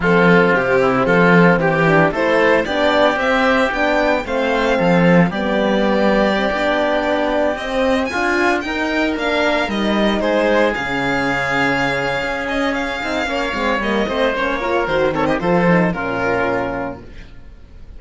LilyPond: <<
  \new Staff \with { instrumentName = "violin" } { \time 4/4 \tempo 4 = 113 a'4 g'4 a'4 g'4 | c''4 d''4 e''4 g''4 | f''2 d''2~ | d''2~ d''16 dis''4 gis''8.~ |
gis''16 g''4 f''4 dis''4 c''8.~ | c''16 f''2.~ f''16 dis''8 | f''2 dis''4 cis''4 | c''8 cis''16 dis''16 c''4 ais'2 | }
  \new Staff \with { instrumentName = "oboe" } { \time 4/4 f'4. e'8 f'4 g'4 | a'4 g'2. | c''4 a'4 g'2~ | g'2.~ g'16 f'8.~ |
f'16 ais'2. gis'8.~ | gis'1~ | gis'4 cis''4. c''4 ais'8~ | ais'8 a'16 g'16 a'4 f'2 | }
  \new Staff \with { instrumentName = "horn" } { \time 4/4 c'2.~ c'8 d'8 | e'4 d'4 c'4 d'4 | c'2 b2 | c'16 d'2 c'4 f'8.~ |
f'16 dis'4 d'4 dis'4.~ dis'16~ | dis'16 cis'2.~ cis'8.~ | cis'8 dis'8 cis'8 c'8 ais8 c'8 cis'8 f'8 | fis'8 c'8 f'8 dis'8 cis'2 | }
  \new Staff \with { instrumentName = "cello" } { \time 4/4 f4 c4 f4 e4 | a4 b4 c'4 b4 | a4 f4 g2~ | g16 b2 c'4 d'8.~ |
d'16 dis'4 ais4 g4 gis8.~ | gis16 cis2~ cis8. cis'4~ | cis'8 c'8 ais8 gis8 g8 a8 ais4 | dis4 f4 ais,2 | }
>>